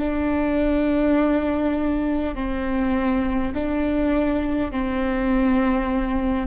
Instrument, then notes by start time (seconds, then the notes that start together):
viola
0.00 D4
2.35 C4
3.55 D4
4.72 C4